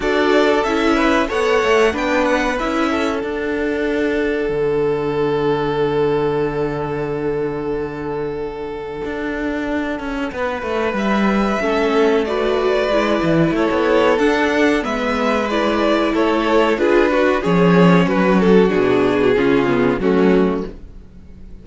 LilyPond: <<
  \new Staff \with { instrumentName = "violin" } { \time 4/4 \tempo 4 = 93 d''4 e''4 fis''4 g''8 fis''8 | e''4 fis''2.~ | fis''1~ | fis''1~ |
fis''4 e''2 d''4~ | d''4 cis''4 fis''4 e''4 | d''4 cis''4 b'4 cis''4 | b'8 a'8 gis'2 fis'4 | }
  \new Staff \with { instrumentName = "violin" } { \time 4/4 a'4. b'8 cis''4 b'4~ | b'8 a'2.~ a'8~ | a'1~ | a'1 |
b'2 a'4 b'4~ | b'4 a'2 b'4~ | b'4 a'4 gis'8 fis'8 gis'4 | fis'2 f'4 cis'4 | }
  \new Staff \with { instrumentName = "viola" } { \time 4/4 fis'4 e'4 a'4 d'4 | e'4 d'2.~ | d'1~ | d'1~ |
d'2 cis'4 fis'4 | e'2 d'4 b4 | e'2 f'8 fis'8 cis'4~ | cis'4 d'4 cis'8 b8 a4 | }
  \new Staff \with { instrumentName = "cello" } { \time 4/4 d'4 cis'4 b8 a8 b4 | cis'4 d'2 d4~ | d1~ | d2 d'4. cis'8 |
b8 a8 g4 a2 | gis8 e8 a16 b8. d'4 gis4~ | gis4 a4 d'4 f4 | fis4 b,4 cis4 fis4 | }
>>